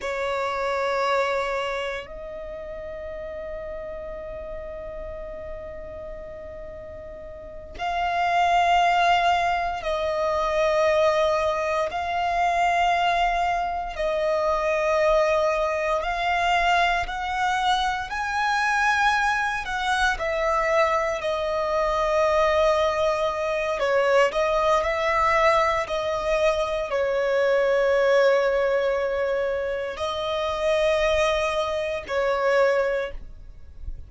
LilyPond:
\new Staff \with { instrumentName = "violin" } { \time 4/4 \tempo 4 = 58 cis''2 dis''2~ | dis''2.~ dis''8 f''8~ | f''4. dis''2 f''8~ | f''4. dis''2 f''8~ |
f''8 fis''4 gis''4. fis''8 e''8~ | e''8 dis''2~ dis''8 cis''8 dis''8 | e''4 dis''4 cis''2~ | cis''4 dis''2 cis''4 | }